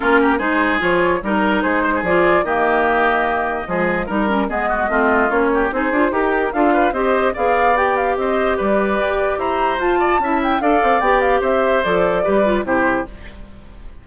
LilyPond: <<
  \new Staff \with { instrumentName = "flute" } { \time 4/4 \tempo 4 = 147 ais'4 c''4 cis''4 ais'4 | c''4 d''4 dis''2~ | dis''2 ais'4 dis''4~ | dis''4 cis''4 c''4 ais'4 |
f''4 dis''4 f''4 g''8 f''8 | dis''4 d''2 ais''4 | a''4. g''8 f''4 g''8 f''8 | e''4 d''2 c''4 | }
  \new Staff \with { instrumentName = "oboe" } { \time 4/4 f'8 g'8 gis'2 ais'4 | gis'8 c''16 gis'4~ gis'16 g'2~ | g'4 gis'4 ais'4 gis'8 fis'8 | f'4. g'8 gis'4 g'4 |
a'8 b'8 c''4 d''2 | c''4 b'2 c''4~ | c''8 d''8 e''4 d''2 | c''2 b'4 g'4 | }
  \new Staff \with { instrumentName = "clarinet" } { \time 4/4 cis'4 dis'4 f'4 dis'4~ | dis'4 f'4 ais2~ | ais4 gis4 dis'8 cis'8 b4 | c'4 cis'4 dis'8 f'8 g'4 |
f'4 g'4 gis'4 g'4~ | g'1 | f'4 e'4 a'4 g'4~ | g'4 a'4 g'8 f'8 e'4 | }
  \new Staff \with { instrumentName = "bassoon" } { \time 4/4 ais4 gis4 f4 g4 | gis4 f4 dis2~ | dis4 f4 g4 gis4 | a4 ais4 c'8 d'8 dis'4 |
d'4 c'4 b2 | c'4 g4 g'4 e'4 | f'4 cis'4 d'8 c'8 b4 | c'4 f4 g4 c4 | }
>>